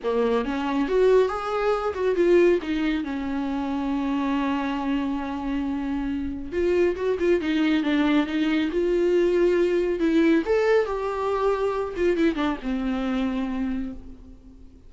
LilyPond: \new Staff \with { instrumentName = "viola" } { \time 4/4 \tempo 4 = 138 ais4 cis'4 fis'4 gis'4~ | gis'8 fis'8 f'4 dis'4 cis'4~ | cis'1~ | cis'2. f'4 |
fis'8 f'8 dis'4 d'4 dis'4 | f'2. e'4 | a'4 g'2~ g'8 f'8 | e'8 d'8 c'2. | }